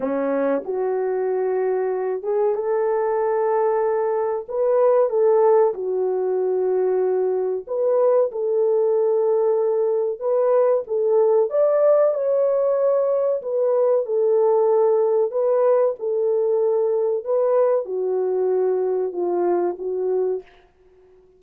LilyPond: \new Staff \with { instrumentName = "horn" } { \time 4/4 \tempo 4 = 94 cis'4 fis'2~ fis'8 gis'8 | a'2. b'4 | a'4 fis'2. | b'4 a'2. |
b'4 a'4 d''4 cis''4~ | cis''4 b'4 a'2 | b'4 a'2 b'4 | fis'2 f'4 fis'4 | }